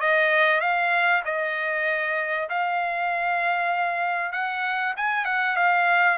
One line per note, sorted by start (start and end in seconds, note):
0.00 0.60 D#5
0.60 1.22 F5
1.25 2.49 D#5
2.49 4.32 F5
4.32 4.94 F#5
4.96 5.25 G#5
5.25 5.56 F#5
5.56 6.18 F5